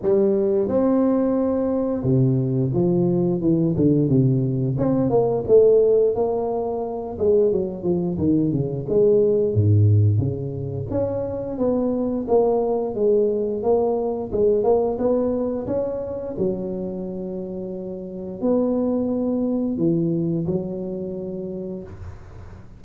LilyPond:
\new Staff \with { instrumentName = "tuba" } { \time 4/4 \tempo 4 = 88 g4 c'2 c4 | f4 e8 d8 c4 c'8 ais8 | a4 ais4. gis8 fis8 f8 | dis8 cis8 gis4 gis,4 cis4 |
cis'4 b4 ais4 gis4 | ais4 gis8 ais8 b4 cis'4 | fis2. b4~ | b4 e4 fis2 | }